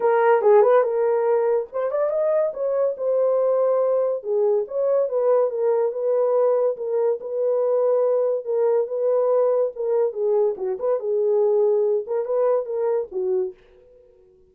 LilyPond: \new Staff \with { instrumentName = "horn" } { \time 4/4 \tempo 4 = 142 ais'4 gis'8 b'8 ais'2 | c''8 d''8 dis''4 cis''4 c''4~ | c''2 gis'4 cis''4 | b'4 ais'4 b'2 |
ais'4 b'2. | ais'4 b'2 ais'4 | gis'4 fis'8 b'8 gis'2~ | gis'8 ais'8 b'4 ais'4 fis'4 | }